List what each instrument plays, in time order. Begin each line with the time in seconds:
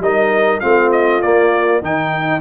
0.00 tuba G3, trombone D#4, horn A#4, trumpet D#5
0.61 tuba A3, trombone C4, horn F4, trumpet F5
0.92 trumpet D#5
1.22 trombone A#3, tuba A#3, trumpet D5
1.82 tuba D#3, trombone D#4, horn D#4, trumpet G5